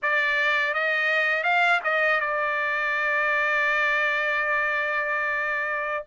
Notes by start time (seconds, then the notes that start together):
0.02 D5
0.74 D#5
1.43 F5
1.84 D#5
2.20 D5